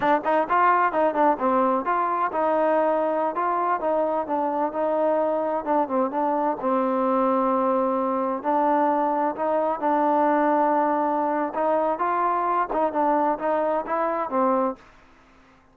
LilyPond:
\new Staff \with { instrumentName = "trombone" } { \time 4/4 \tempo 4 = 130 d'8 dis'8 f'4 dis'8 d'8 c'4 | f'4 dis'2~ dis'16 f'8.~ | f'16 dis'4 d'4 dis'4.~ dis'16~ | dis'16 d'8 c'8 d'4 c'4.~ c'16~ |
c'2~ c'16 d'4.~ d'16~ | d'16 dis'4 d'2~ d'8.~ | d'4 dis'4 f'4. dis'8 | d'4 dis'4 e'4 c'4 | }